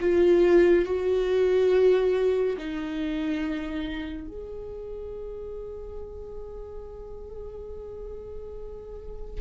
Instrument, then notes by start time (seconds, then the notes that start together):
viola
0.00 F4
0.85 F#4
2.58 D#4
4.27 G#4